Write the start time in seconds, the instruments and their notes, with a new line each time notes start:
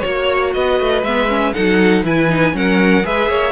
0.00 cello A#3, viola F#4, violin C#5
0.54 cello B3, violin B4 D#5
0.81 cello A3
1.03 cello G#3, viola B3, violin E5
1.29 viola C#4
1.54 cello F#3, viola D#4, violin A4 F#5
2.03 cello E3, viola E4, violin B4 G#5
2.29 viola D#4
2.53 cello F#3, viola C#4, violin A#4 F#5
3.03 cello G#3, viola G#4, violin B4 E5
3.29 cello A#3, violin C#5